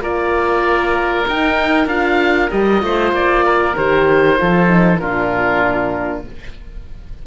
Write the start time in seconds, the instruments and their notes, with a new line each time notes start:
0.00 cello A#3, horn F4, oboe A#4 D5
1.27 horn D#4, cello D#4, oboe G5
1.86 cello D4, horn F4, oboe F5
2.50 cello G3, horn G4, oboe D#5
2.80 cello A3, horn F4, oboe C5
3.12 cello A#3, oboe D5
3.45 oboe A#4
3.76 cello D#3, horn G4, oboe C5
4.38 cello F3, horn F4, oboe A4
4.67 horn D#4
4.98 cello A#2, horn D4, oboe F4 A#4